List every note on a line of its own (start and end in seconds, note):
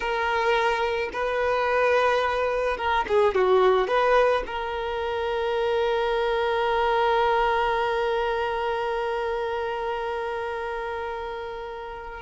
0.00 1.10 A#4
1.12 2.77 B4
2.77 3.05 A#4
3.08 3.34 G#4
3.34 3.87 F#4
3.87 4.43 B4
4.46 12.22 A#4